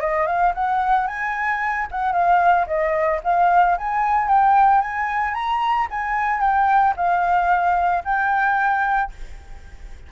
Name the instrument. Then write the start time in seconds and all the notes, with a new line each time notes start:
flute
0.00 D#5
0.26 F5
0.54 F#5
1.07 G#5
1.91 F#5
2.12 F5
2.67 D#5
3.24 F5
3.78 G#5
4.28 G5
4.81 G#5
5.34 A#5
5.90 G#5
6.41 G5
6.96 F5
8.05 G5